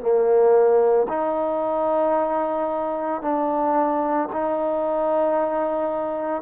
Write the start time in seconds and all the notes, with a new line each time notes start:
0.00 A#3
1.08 D#4
3.21 D4
4.32 D#4